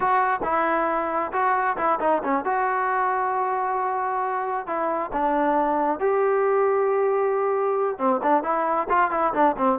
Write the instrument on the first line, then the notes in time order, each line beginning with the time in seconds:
trombone
0.00 F#4
0.43 E4
1.32 F#4
1.77 E4
2.00 D#4
2.23 C#4
2.44 F#4
4.66 E4
5.13 D4
5.99 G4
7.98 C4
8.23 D4
8.43 E4
8.89 F4
9.11 E4
9.33 D4
9.57 C4